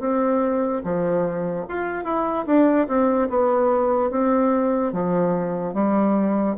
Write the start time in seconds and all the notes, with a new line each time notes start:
0.00 C4
0.84 F3
1.69 F4
2.04 E4
2.46 D4
2.88 C4
3.30 B3
4.11 C4
4.93 F3
5.74 G3